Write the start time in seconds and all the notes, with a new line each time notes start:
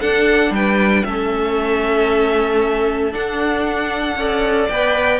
0.00 D4 A4 F#5
0.51 G3 B4 G5
1.04 A3 C#4 A4 E5
3.12 D4 F#5
4.16 C#4 A4 D5
4.69 B3 B4 G5